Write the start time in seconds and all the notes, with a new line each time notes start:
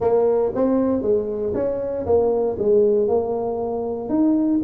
0.00 A#3
0.55 C4
1.02 G#3
1.54 C#4
2.05 A#3
2.58 G#3
3.07 A#3
4.09 D#4